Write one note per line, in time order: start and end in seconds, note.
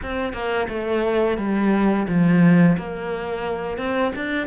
0.02 0.33 C4
0.33 0.67 A#3
0.69 1.37 A3
1.37 2.06 G3
2.08 2.76 F3
2.77 3.77 A#3
3.77 4.12 C4
4.15 4.47 D4